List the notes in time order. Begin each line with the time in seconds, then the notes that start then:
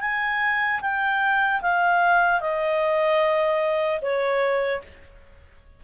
0.00 G#5
0.81 G5
1.61 F5
2.40 D#5
4.01 C#5